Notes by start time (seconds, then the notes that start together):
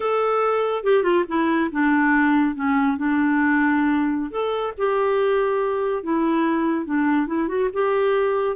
0.00 A4
0.83 G4
1.03 F4
1.28 E4
1.71 D4
2.55 C#4
2.97 D4
4.30 A4
4.77 G4
6.03 E4
6.85 D4
7.26 E4
7.48 F#4
7.73 G4